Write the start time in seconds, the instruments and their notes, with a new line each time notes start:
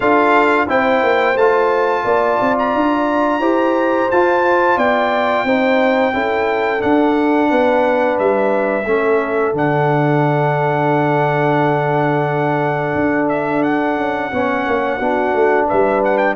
0.00 tuba D4, trombone F4, horn A4, trumpet F5
0.67 tuba C4, trombone E4, horn C5, trumpet G5
1.02 tuba A#3
1.35 tuba A3, trombone F4, trumpet A5
2.04 tuba A#3, horn D5
2.40 tuba C4
2.58 trumpet A#5
2.74 tuba D4
3.39 tuba E4, trombone G4, horn C5
4.10 tuba F4, trombone F4, trumpet A5
4.76 tuba B3, horn D5, trumpet G5
5.43 tuba C4, trombone D#4, horn C5
6.12 tuba C#4, trombone E4, horn A4
6.79 trombone D4, tuba D4, trumpet F#5
7.49 tuba B3, horn B4
8.18 tuba G3, trumpet E5
8.85 tuba A3, trombone C#4, horn A4
9.53 tuba D3, trombone D4, trumpet F#5
12.94 tuba D4
13.29 trumpet E5
13.62 trumpet F#5
13.96 tuba C#4
14.32 tuba B3, trombone C#4, horn C#5
14.67 tuba A#3
14.98 tuba B3, trombone D4, horn F#4
15.33 tuba A3
15.67 tuba G3, horn B4, trumpet E5
16.04 trumpet F#5
16.17 trumpet G5